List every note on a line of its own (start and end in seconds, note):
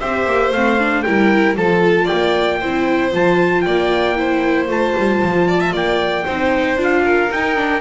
0.00 0.26 C4
0.00 0.54 G4
0.00 1.04 C5
0.00 0.52 E5
0.26 0.52 A#3
0.52 1.05 A3
0.52 0.79 C4
0.52 1.03 F5
0.79 1.05 D4
1.03 1.57 G3
1.03 1.57 E4
1.03 1.57 A#4
1.03 1.55 G5
1.57 2.09 F3
1.57 2.61 F4
1.57 2.05 A4
1.57 2.08 A5
2.05 2.57 D5
2.05 3.12 G5
2.13 2.63 A#3
2.60 3.14 C4
2.60 3.12 E4
2.60 3.65 C5
3.12 3.66 F3
3.12 4.16 F4
3.12 3.62 A5
3.62 4.69 A#3
3.62 4.18 D5
3.62 4.66 G5
4.16 4.68 E4
4.16 5.48 C5
4.68 4.95 A3
4.68 6.24 F4
4.68 5.76 A5
4.97 5.23 G3
5.24 5.73 F3
5.48 5.61 D5
5.61 5.73 E5
5.73 6.25 A#3
5.73 6.25 D5
5.73 6.81 G5
6.25 6.77 C4
6.25 6.77 D#4
6.25 7.03 C5
6.77 7.29 D4
6.77 7.30 F4
6.84 7.32 F5
7.04 7.81 A#4
7.32 7.56 D#4
7.32 7.81 D#4
7.32 7.81 G5
7.56 7.81 D4